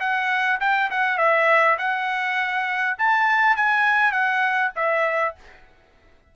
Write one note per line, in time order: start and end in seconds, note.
0.00 0.59 F#5
0.61 0.90 G5
0.91 1.18 F#5
1.18 1.77 E5
1.78 2.97 F#5
2.98 3.56 A5
3.56 4.12 G#5
4.12 4.72 F#5
4.76 5.35 E5